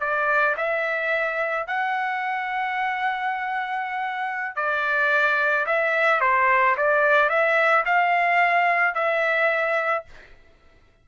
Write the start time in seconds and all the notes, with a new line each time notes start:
0.00 D5
0.57 E5
1.67 F#5
4.55 D5
5.66 E5
6.21 C5
6.77 D5
7.29 E5
7.85 F5
8.94 E5